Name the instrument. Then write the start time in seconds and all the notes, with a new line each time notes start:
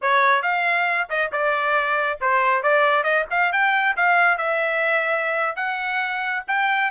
trumpet
0.01 C#5
0.42 F5
1.09 D#5
1.32 D5
2.21 C5
2.62 D5
3.03 D#5
3.30 F5
3.52 G5
3.96 F5
4.37 E5
5.56 F#5
6.47 G5